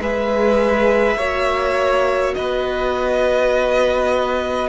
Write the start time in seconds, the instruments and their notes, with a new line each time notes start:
0.00 cello G#3, viola G#4, violin B4 E5
1.16 cello A#3, viola F#4, violin C#5
2.34 cello B3, violin B4 D#5